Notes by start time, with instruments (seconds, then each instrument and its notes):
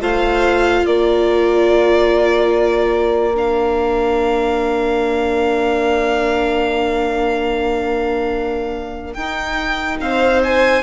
0.00 bassoon A3, viola F4, violin C5 F5
0.84 bassoon A#3, violin A#4 D5
3.34 viola D4, violin F5
9.14 bassoon D#4, viola D#4, violin G5
10.00 bassoon C4, violin C5 F5
10.43 violin G#5